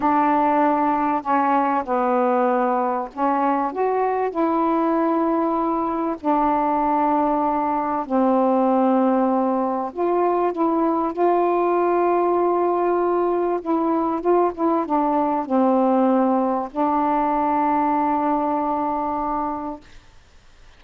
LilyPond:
\new Staff \with { instrumentName = "saxophone" } { \time 4/4 \tempo 4 = 97 d'2 cis'4 b4~ | b4 cis'4 fis'4 e'4~ | e'2 d'2~ | d'4 c'2. |
f'4 e'4 f'2~ | f'2 e'4 f'8 e'8 | d'4 c'2 d'4~ | d'1 | }